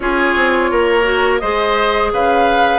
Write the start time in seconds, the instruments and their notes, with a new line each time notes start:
0.00 bassoon C#4, clarinet F4, oboe G#4, flute C#5
0.35 bassoon C4
0.70 bassoon A#3, oboe A#4
1.03 clarinet F#4
1.39 bassoon G#3, clarinet G#4, oboe C5, flute D#5
2.12 bassoon C#3, oboe B4, flute F5